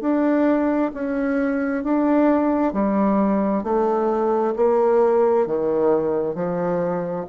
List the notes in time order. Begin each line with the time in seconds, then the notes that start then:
0.00 D4
0.93 C#4
1.83 D4
2.73 G3
3.63 A3
4.56 A#3
5.46 D#3
6.34 F3